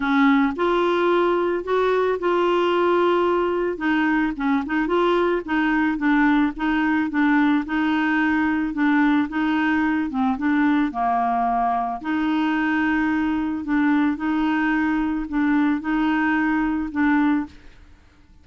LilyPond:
\new Staff \with { instrumentName = "clarinet" } { \time 4/4 \tempo 4 = 110 cis'4 f'2 fis'4 | f'2. dis'4 | cis'8 dis'8 f'4 dis'4 d'4 | dis'4 d'4 dis'2 |
d'4 dis'4. c'8 d'4 | ais2 dis'2~ | dis'4 d'4 dis'2 | d'4 dis'2 d'4 | }